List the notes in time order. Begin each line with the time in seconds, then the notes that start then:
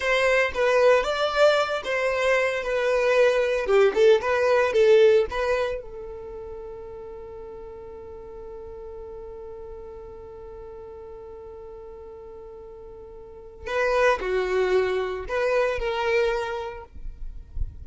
0.00 C5
0.54 B4
1.03 D5
1.84 C5
2.63 B4
3.66 G4
3.94 A4
4.21 B4
4.72 A4
5.30 B4
5.81 A4
13.66 B4
14.20 F#4
15.28 B4
15.78 A#4